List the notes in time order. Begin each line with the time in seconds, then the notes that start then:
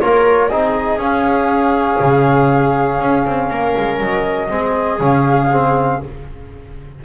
0.00 A#3 F4 A#4 C#5
0.49 C4 D#4 G#4 D#5
0.98 C#4 F5
2.00 C#3
3.01 C#4
3.26 C4
3.50 A#3 A#4
3.77 G#3
4.00 F#3 D#5
4.49 G#3 C4 G#4
5.00 C#3 C#4 F5
5.51 C4